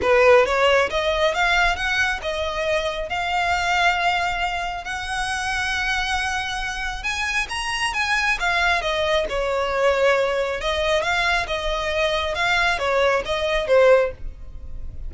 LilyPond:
\new Staff \with { instrumentName = "violin" } { \time 4/4 \tempo 4 = 136 b'4 cis''4 dis''4 f''4 | fis''4 dis''2 f''4~ | f''2. fis''4~ | fis''1 |
gis''4 ais''4 gis''4 f''4 | dis''4 cis''2. | dis''4 f''4 dis''2 | f''4 cis''4 dis''4 c''4 | }